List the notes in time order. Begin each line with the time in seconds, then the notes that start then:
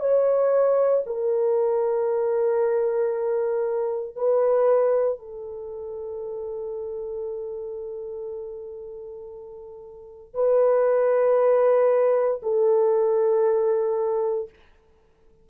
0.00 C#5
1.06 A#4
4.16 B4
5.19 A4
10.34 B4
12.43 A4